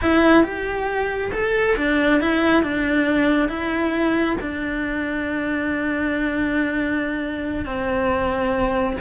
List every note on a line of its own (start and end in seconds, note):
0.01 0.43 E4
0.43 1.31 G4
1.32 1.76 A4
1.76 2.20 D4
2.20 2.63 E4
2.63 3.48 D4
3.48 4.36 E4
4.40 7.65 D4
7.65 8.96 C4